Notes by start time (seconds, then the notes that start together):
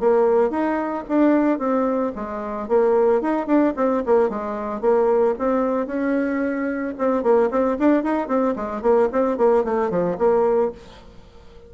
0.00 A#3
0.50 D#4
1.09 D4
1.59 C4
2.16 G#3
2.68 A#3
3.22 D#4
3.47 D4
3.76 C4
4.06 A#3
4.30 G#3
4.81 A#3
5.39 C4
5.87 C#4
6.98 C4
7.23 A#3
7.51 C4
7.79 D4
8.04 D#4
8.28 C4
8.56 G#3
8.82 A#3
9.13 C4
9.38 A#3
9.65 A3
9.90 F3
10.18 A#3